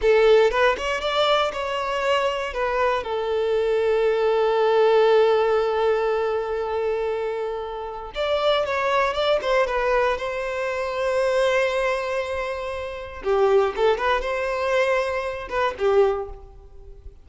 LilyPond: \new Staff \with { instrumentName = "violin" } { \time 4/4 \tempo 4 = 118 a'4 b'8 cis''8 d''4 cis''4~ | cis''4 b'4 a'2~ | a'1~ | a'1 |
d''4 cis''4 d''8 c''8 b'4 | c''1~ | c''2 g'4 a'8 b'8 | c''2~ c''8 b'8 g'4 | }